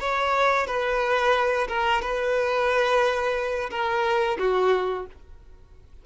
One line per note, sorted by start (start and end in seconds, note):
0.00 0.66 C#5
0.66 1.68 B4
1.68 2.01 A#4
2.01 3.70 B4
3.70 4.38 A#4
4.39 5.06 F#4